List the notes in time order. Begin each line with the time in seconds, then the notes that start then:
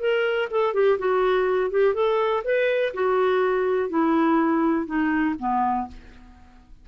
0.00 A#4
0.51 A4
0.74 G4
0.99 F#4
1.71 G4
1.94 A4
2.44 B4
2.94 F#4
3.89 E4
4.86 D#4
5.39 B3